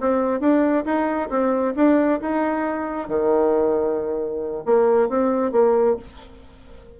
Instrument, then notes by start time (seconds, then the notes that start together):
bassoon
0.00 C4
0.40 D4
0.85 D#4
1.29 C4
1.75 D4
2.21 D#4
3.08 D#3
4.65 A#3
5.09 C4
5.52 A#3